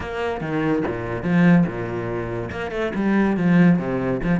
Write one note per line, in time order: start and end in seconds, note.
0.00 0.40 A#3
0.40 0.82 D#3
0.87 1.22 A#2
1.22 1.64 F3
1.66 2.50 A#2
2.51 2.71 A#3
2.71 2.92 A3
2.94 3.36 G3
3.36 3.78 F3
3.78 4.20 C3
4.23 4.39 F3